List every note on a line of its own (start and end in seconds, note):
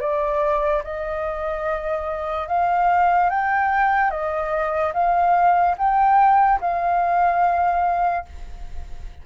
0.00 0.82 D5
0.84 2.48 D#5
2.48 3.30 F5
3.30 4.10 G5
4.10 4.92 D#5
4.94 5.76 F5
5.78 6.60 G5
6.61 8.25 F5